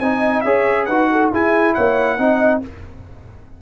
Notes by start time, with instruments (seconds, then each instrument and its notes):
0.00 tuba C4, trombone D#4, horn D#5, trumpet G#5
0.41 tuba C#4, trombone G#4, horn C#5, trumpet E5
0.86 tuba D#4, trombone F#4, horn B4, trumpet F#5
1.12 horn A4
1.32 tuba E4, trombone E4, horn G#4, trumpet G#5
1.74 tuba A#3, horn C#5, trumpet F#5
2.18 tuba C4, trombone D#4, horn D#5